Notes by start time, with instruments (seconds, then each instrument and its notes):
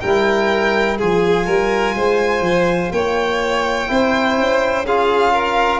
0.00 tuba G3, trombone E4, violin A#4 G5
0.98 tuba F3, trombone F4, violin G#4 G#5
1.46 tuba G3, violin A#4
1.96 tuba G#3, violin C5
2.40 tuba F3
2.91 tuba A#3, violin C#5 G5
3.87 tuba C4, trombone E4, violin C5
4.37 tuba C#4
4.85 trombone F4, violin G#4 F5
5.33 violin A#4